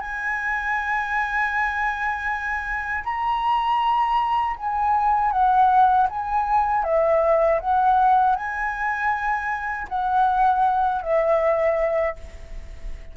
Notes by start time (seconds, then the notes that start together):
0.00 G#5
3.04 A#5
4.56 G#5
5.31 F#5
6.09 G#5
6.84 E5
7.60 F#5
8.35 G#5
9.88 F#5
11.02 E5